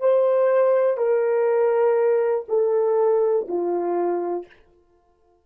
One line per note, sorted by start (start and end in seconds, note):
0.00 0.97 C5
0.97 2.45 A#4
2.49 3.47 A4
3.48 4.46 F4